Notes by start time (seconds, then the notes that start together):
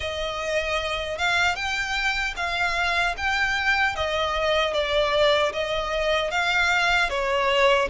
0.00 D#5
1.18 F5
1.55 G5
2.36 F5
3.17 G5
3.95 D#5
4.73 D5
5.53 D#5
6.31 F5
7.09 C#5